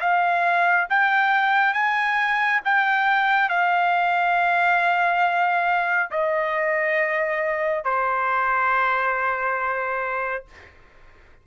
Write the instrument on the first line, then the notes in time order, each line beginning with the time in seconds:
trumpet
0.00 F5
0.89 G5
1.73 G#5
2.64 G5
3.49 F5
6.11 D#5
7.84 C5